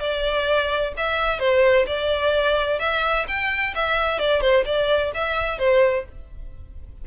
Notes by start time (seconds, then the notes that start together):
0.00 D5
0.97 E5
1.40 C5
1.87 D5
2.79 E5
3.28 G5
3.75 E5
4.19 D5
4.41 C5
4.66 D5
5.14 E5
5.59 C5